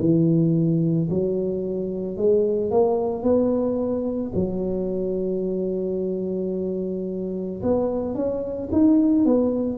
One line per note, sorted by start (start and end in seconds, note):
0.00 1.09 E3
1.11 2.17 F#3
2.17 2.71 G#3
2.71 3.23 A#3
3.23 4.32 B3
4.35 7.63 F#3
7.63 8.15 B3
8.15 8.70 C#4
8.72 9.26 D#4
9.26 9.78 B3